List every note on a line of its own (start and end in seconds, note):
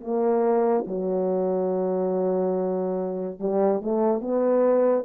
0.00 0.85 A#3
0.86 3.39 F#3
3.39 3.81 G3
3.81 4.21 A3
4.21 5.04 B3